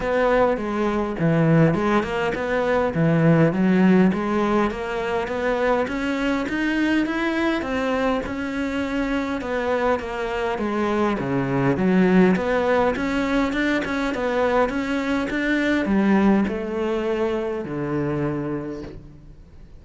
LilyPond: \new Staff \with { instrumentName = "cello" } { \time 4/4 \tempo 4 = 102 b4 gis4 e4 gis8 ais8 | b4 e4 fis4 gis4 | ais4 b4 cis'4 dis'4 | e'4 c'4 cis'2 |
b4 ais4 gis4 cis4 | fis4 b4 cis'4 d'8 cis'8 | b4 cis'4 d'4 g4 | a2 d2 | }